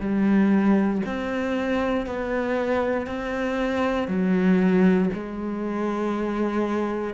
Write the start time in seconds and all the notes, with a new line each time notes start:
0.00 G3
1.05 C4
2.06 B3
3.06 C4
4.08 F#3
5.13 G#3